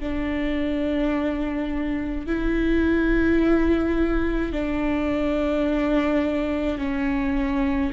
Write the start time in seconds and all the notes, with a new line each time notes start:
0.00 D4
2.26 E4
4.52 D4
6.78 C#4